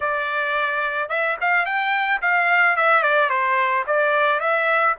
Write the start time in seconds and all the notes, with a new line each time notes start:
0.00 D5
1.09 E5
1.40 F5
1.65 G5
2.21 F5
2.76 E5
3.03 D5
3.29 C5
3.87 D5
4.40 E5